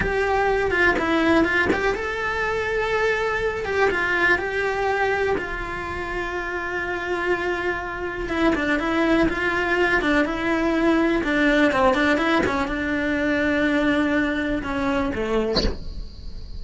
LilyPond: \new Staff \with { instrumentName = "cello" } { \time 4/4 \tempo 4 = 123 g'4. f'8 e'4 f'8 g'8 | a'2.~ a'8 g'8 | f'4 g'2 f'4~ | f'1~ |
f'4 e'8 d'8 e'4 f'4~ | f'8 d'8 e'2 d'4 | c'8 d'8 e'8 cis'8 d'2~ | d'2 cis'4 a4 | }